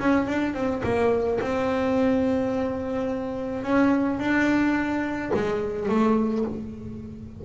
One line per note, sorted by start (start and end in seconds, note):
0.00 0.28 C#4
0.28 0.54 D4
0.54 0.82 C4
0.84 1.40 A#3
1.41 3.63 C4
3.63 4.20 C#4
4.20 5.32 D4
5.34 5.89 G#3
5.89 6.45 A3